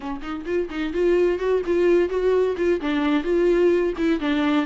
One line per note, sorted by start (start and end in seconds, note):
0.00 0.20 C#4
0.21 0.44 D#4
0.45 0.68 F4
0.70 0.93 D#4
0.93 1.38 F4
1.38 1.62 F#4
1.66 2.09 F4
2.09 2.55 F#4
2.57 2.80 F4
2.80 3.23 D4
3.23 3.93 F4
3.97 4.20 E4
4.20 4.65 D4